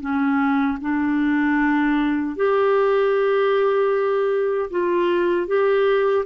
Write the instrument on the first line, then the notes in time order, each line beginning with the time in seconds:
clarinet
0.00 C#4
0.80 D4
2.36 G4
4.70 F4
5.47 G4